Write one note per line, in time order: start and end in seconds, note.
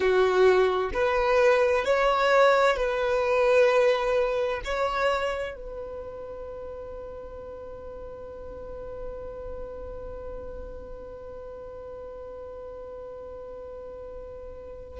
0.00 0.91 F#4
0.93 1.84 B4
1.84 2.76 C#5
2.76 4.61 B4
4.64 5.55 C#5
5.55 15.00 B4